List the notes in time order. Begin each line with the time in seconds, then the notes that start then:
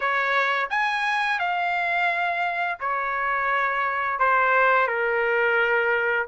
0.00 C#5
0.70 G#5
1.39 F5
2.80 C#5
4.19 C5
4.87 A#4